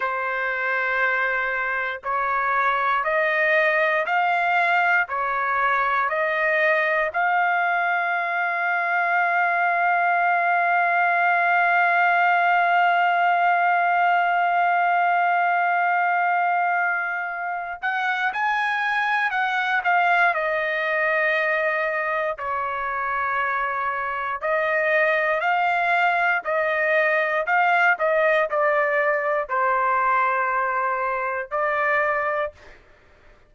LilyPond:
\new Staff \with { instrumentName = "trumpet" } { \time 4/4 \tempo 4 = 59 c''2 cis''4 dis''4 | f''4 cis''4 dis''4 f''4~ | f''1~ | f''1~ |
f''4. fis''8 gis''4 fis''8 f''8 | dis''2 cis''2 | dis''4 f''4 dis''4 f''8 dis''8 | d''4 c''2 d''4 | }